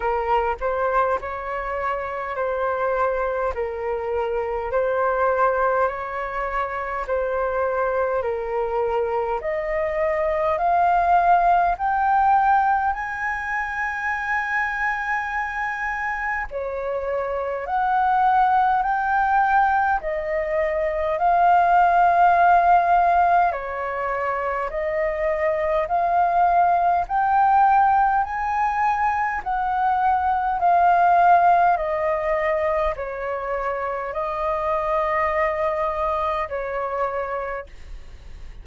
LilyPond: \new Staff \with { instrumentName = "flute" } { \time 4/4 \tempo 4 = 51 ais'8 c''8 cis''4 c''4 ais'4 | c''4 cis''4 c''4 ais'4 | dis''4 f''4 g''4 gis''4~ | gis''2 cis''4 fis''4 |
g''4 dis''4 f''2 | cis''4 dis''4 f''4 g''4 | gis''4 fis''4 f''4 dis''4 | cis''4 dis''2 cis''4 | }